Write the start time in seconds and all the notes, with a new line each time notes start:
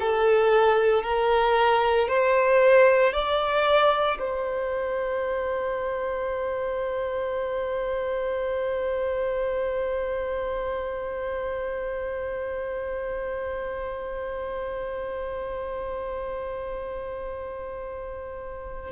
0.00 A4
1.03 A#4
2.09 C5
3.13 D5
4.19 C5